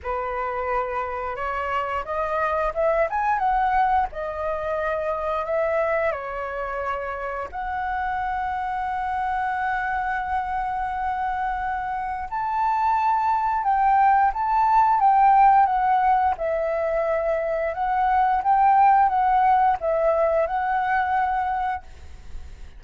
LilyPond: \new Staff \with { instrumentName = "flute" } { \time 4/4 \tempo 4 = 88 b'2 cis''4 dis''4 | e''8 gis''8 fis''4 dis''2 | e''4 cis''2 fis''4~ | fis''1~ |
fis''2 a''2 | g''4 a''4 g''4 fis''4 | e''2 fis''4 g''4 | fis''4 e''4 fis''2 | }